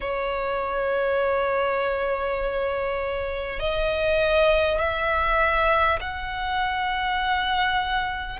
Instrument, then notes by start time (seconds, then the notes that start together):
violin
0.01 C#5
3.59 D#5
4.79 E5
6.00 F#5